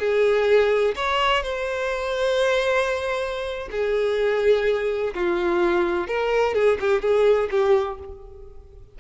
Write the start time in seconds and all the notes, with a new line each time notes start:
0.00 G#4
0.96 C#5
1.43 C5
3.72 G#4
5.15 F4
6.08 A#4
6.55 G#4
6.81 G4
7.02 G#4
7.52 G4